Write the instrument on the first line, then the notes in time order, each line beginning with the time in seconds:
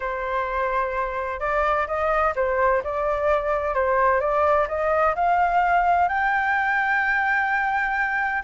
flute
0.00 C5
1.40 D5
1.87 D#5
2.35 C5
2.83 D5
3.74 C5
4.20 D5
4.67 D#5
5.15 F5
6.08 G5